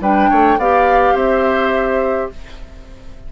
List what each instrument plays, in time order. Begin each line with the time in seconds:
0.00 bassoon G3, clarinet D4, oboe B4, flute G5
0.30 bassoon A3, oboe C#5
0.57 bassoon B3, clarinet G4, oboe D5, flute F5
1.14 bassoon C4, oboe C5, flute E5